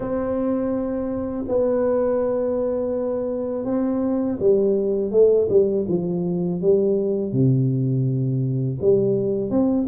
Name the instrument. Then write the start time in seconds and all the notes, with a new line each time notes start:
tuba
0.00 C4
1.47 B3
3.65 C4
4.39 G3
5.11 A3
5.49 G3
5.88 F3
6.61 G3
7.32 C3
8.81 G3
9.50 C4